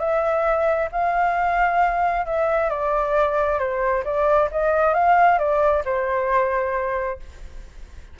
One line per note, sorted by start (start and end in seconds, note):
0.00 0.90 E5
0.92 2.26 F5
2.26 2.70 E5
2.70 3.60 D5
3.60 4.04 C5
4.05 4.50 D5
4.52 4.94 D#5
4.94 5.39 F5
5.39 5.84 D5
5.85 7.20 C5